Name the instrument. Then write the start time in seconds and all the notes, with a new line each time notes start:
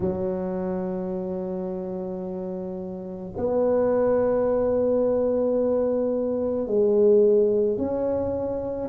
tuba
0.00 F#3
3.36 B3
6.67 G#3
7.77 C#4